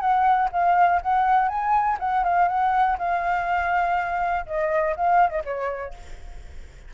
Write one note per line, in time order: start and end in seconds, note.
0.00 0.49 F#5
0.52 1.01 F5
1.02 1.48 F#5
1.48 1.98 G#5
1.99 2.24 F#5
2.24 2.48 F5
2.48 2.97 F#5
2.98 4.46 F5
4.46 4.95 D#5
4.96 5.30 F5
5.30 5.42 D#5
5.45 5.94 C#5